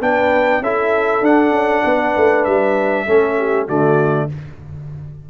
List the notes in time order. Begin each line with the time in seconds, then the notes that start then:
0.00 B3 D4 B4 G5
0.60 C#4 E4 A4 E5
1.21 D4 F#5
1.51 C#4
1.84 B3 B4
2.16 A3
2.44 G3 E5
3.05 A3 C#4 A4
3.38 G4
3.66 D3 A3 F#4 D5